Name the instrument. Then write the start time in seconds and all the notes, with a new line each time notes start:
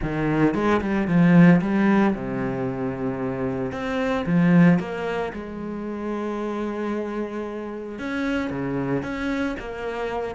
cello
0.02 D#3
0.54 G#3
0.81 G3
1.07 F3
1.61 G3
2.14 C3
3.72 C4
4.26 F3
4.79 A#3
5.33 G#3
7.98 C#4
8.50 C#3
9.02 C#4
9.59 A#3